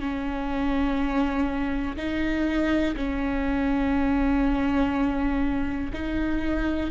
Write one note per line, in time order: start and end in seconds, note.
0.00 1.97 C#4
1.97 2.95 D#4
2.97 5.92 C#4
5.93 6.91 D#4